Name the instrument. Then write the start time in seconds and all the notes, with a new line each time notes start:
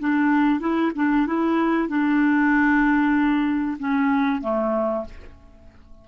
clarinet
0.00 D4
0.60 E4
0.96 D4
1.27 E4
1.89 D4
3.80 C#4
4.42 A3